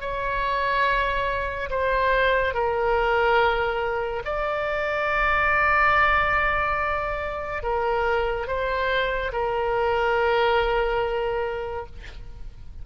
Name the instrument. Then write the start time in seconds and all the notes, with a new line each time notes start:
oboe
0.00 C#5
1.70 C5
2.54 A#4
4.24 D5
7.62 A#4
8.47 C5
9.32 A#4